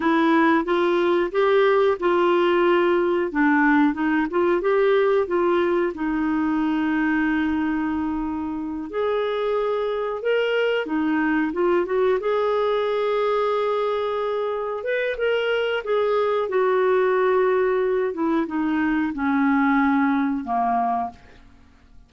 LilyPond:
\new Staff \with { instrumentName = "clarinet" } { \time 4/4 \tempo 4 = 91 e'4 f'4 g'4 f'4~ | f'4 d'4 dis'8 f'8 g'4 | f'4 dis'2.~ | dis'4. gis'2 ais'8~ |
ais'8 dis'4 f'8 fis'8 gis'4.~ | gis'2~ gis'8 b'8 ais'4 | gis'4 fis'2~ fis'8 e'8 | dis'4 cis'2 ais4 | }